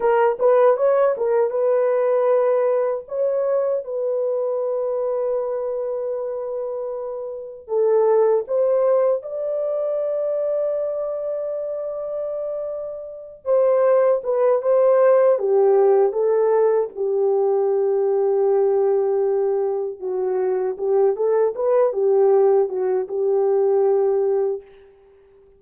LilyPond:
\new Staff \with { instrumentName = "horn" } { \time 4/4 \tempo 4 = 78 ais'8 b'8 cis''8 ais'8 b'2 | cis''4 b'2.~ | b'2 a'4 c''4 | d''1~ |
d''4. c''4 b'8 c''4 | g'4 a'4 g'2~ | g'2 fis'4 g'8 a'8 | b'8 g'4 fis'8 g'2 | }